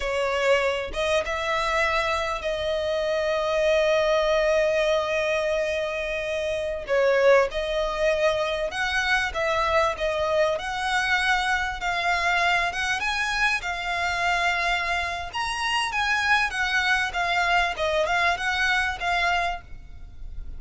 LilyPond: \new Staff \with { instrumentName = "violin" } { \time 4/4 \tempo 4 = 98 cis''4. dis''8 e''2 | dis''1~ | dis''2.~ dis''16 cis''8.~ | cis''16 dis''2 fis''4 e''8.~ |
e''16 dis''4 fis''2 f''8.~ | f''8. fis''8 gis''4 f''4.~ f''16~ | f''4 ais''4 gis''4 fis''4 | f''4 dis''8 f''8 fis''4 f''4 | }